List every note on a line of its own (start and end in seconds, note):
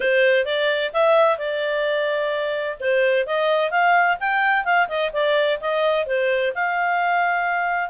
0.00 0.45 C5
0.45 0.91 D5
0.93 1.38 E5
1.38 2.77 D5
2.80 3.26 C5
3.26 3.70 D#5
3.70 4.17 F5
4.20 4.64 G5
4.64 4.88 F5
4.88 5.11 D#5
5.13 5.59 D5
5.60 6.06 D#5
6.06 6.52 C5
6.54 7.89 F5